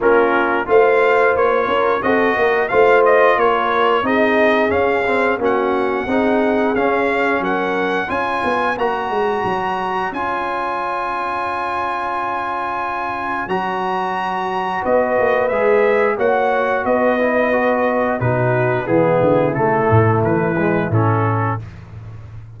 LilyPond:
<<
  \new Staff \with { instrumentName = "trumpet" } { \time 4/4 \tempo 4 = 89 ais'4 f''4 cis''4 dis''4 | f''8 dis''8 cis''4 dis''4 f''4 | fis''2 f''4 fis''4 | gis''4 ais''2 gis''4~ |
gis''1 | ais''2 dis''4 e''4 | fis''4 dis''2 b'4 | gis'4 a'4 b'4 a'4 | }
  \new Staff \with { instrumentName = "horn" } { \time 4/4 f'4 c''4. ais'8 a'8 ais'8 | c''4 ais'4 gis'2 | fis'4 gis'2 ais'4 | cis''1~ |
cis''1~ | cis''2 b'2 | cis''4 b'2 fis'4 | e'1 | }
  \new Staff \with { instrumentName = "trombone" } { \time 4/4 cis'4 f'2 fis'4 | f'2 dis'4 cis'8 c'8 | cis'4 dis'4 cis'2 | f'4 fis'2 f'4~ |
f'1 | fis'2. gis'4 | fis'4. e'8 fis'4 dis'4 | b4 a4. gis8 cis'4 | }
  \new Staff \with { instrumentName = "tuba" } { \time 4/4 ais4 a4 ais8 cis'8 c'8 ais8 | a4 ais4 c'4 cis'4 | ais4 c'4 cis'4 fis4 | cis'8 b8 ais8 gis8 fis4 cis'4~ |
cis'1 | fis2 b8 ais8 gis4 | ais4 b2 b,4 | e8 d8 cis8 a,8 e4 a,4 | }
>>